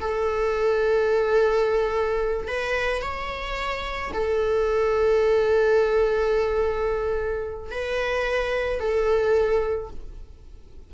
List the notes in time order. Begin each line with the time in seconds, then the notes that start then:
0.00 A4
2.48 B4
3.01 C#5
4.13 A4
7.71 B4
8.80 A4